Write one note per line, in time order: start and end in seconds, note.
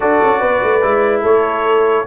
0.00 0.22 D4
0.00 0.81 F#4
0.00 0.39 A4
0.00 1.22 D5
0.22 0.41 C#4
0.39 0.62 B3
0.39 1.21 B4
0.63 0.83 A3
0.82 1.23 G#3
0.82 2.06 E4
1.21 2.06 A3
1.21 2.04 A4
1.21 2.06 C#5